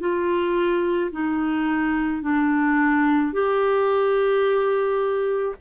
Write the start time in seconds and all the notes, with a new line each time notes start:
0.00 F4
1.12 D#4
2.22 D4
3.33 G4